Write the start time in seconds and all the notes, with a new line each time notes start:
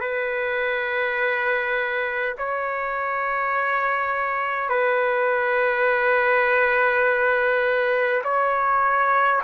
0.00 B4
2.37 C#5
4.69 B4
8.24 C#5